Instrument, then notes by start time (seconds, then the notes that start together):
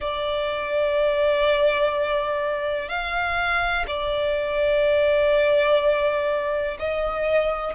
violin
0.00 D5
2.89 F5
3.87 D5
6.79 D#5